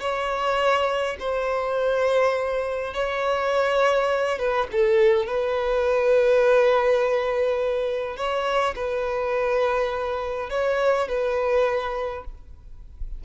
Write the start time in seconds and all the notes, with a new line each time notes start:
0.00 C#5
1.19 C5
2.94 C#5
4.38 B4
4.72 A4
5.26 B4
8.16 C#5
8.76 B4
10.50 C#5
11.08 B4